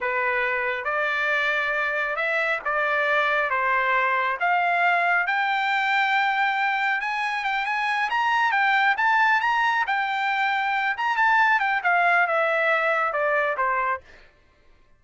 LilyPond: \new Staff \with { instrumentName = "trumpet" } { \time 4/4 \tempo 4 = 137 b'2 d''2~ | d''4 e''4 d''2 | c''2 f''2 | g''1 |
gis''4 g''8 gis''4 ais''4 g''8~ | g''8 a''4 ais''4 g''4.~ | g''4 ais''8 a''4 g''8 f''4 | e''2 d''4 c''4 | }